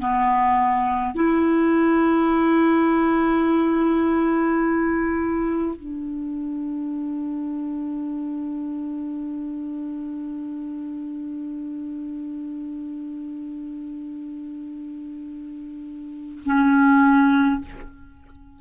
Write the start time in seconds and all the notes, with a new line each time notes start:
0.00 B3
1.15 E4
5.76 D4
16.46 C#4